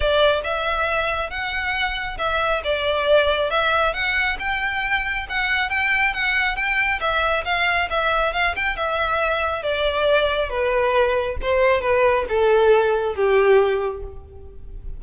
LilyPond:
\new Staff \with { instrumentName = "violin" } { \time 4/4 \tempo 4 = 137 d''4 e''2 fis''4~ | fis''4 e''4 d''2 | e''4 fis''4 g''2 | fis''4 g''4 fis''4 g''4 |
e''4 f''4 e''4 f''8 g''8 | e''2 d''2 | b'2 c''4 b'4 | a'2 g'2 | }